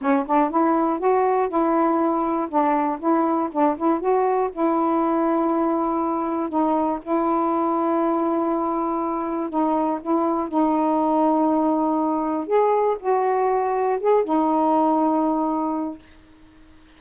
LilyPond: \new Staff \with { instrumentName = "saxophone" } { \time 4/4 \tempo 4 = 120 cis'8 d'8 e'4 fis'4 e'4~ | e'4 d'4 e'4 d'8 e'8 | fis'4 e'2.~ | e'4 dis'4 e'2~ |
e'2. dis'4 | e'4 dis'2.~ | dis'4 gis'4 fis'2 | gis'8 dis'2.~ dis'8 | }